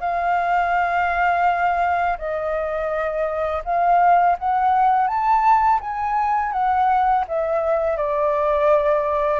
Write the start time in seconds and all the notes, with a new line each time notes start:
0.00 F5
2.18 D#5
3.64 F5
4.38 F#5
5.07 A5
5.81 G#5
6.52 F#5
7.27 E5
7.96 D5